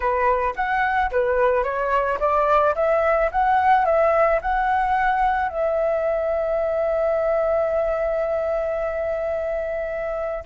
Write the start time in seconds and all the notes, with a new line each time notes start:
0.00 B4
0.55 F#5
1.11 B4
1.63 C#5
2.19 D5
2.75 E5
3.31 F#5
3.85 E5
4.41 F#5
5.48 E5